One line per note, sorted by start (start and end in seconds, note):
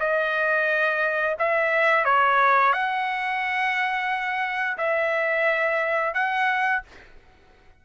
0.00 1.36 D#5
1.39 2.05 E5
2.05 2.73 C#5
2.73 4.78 F#5
4.78 6.14 E5
6.14 6.82 F#5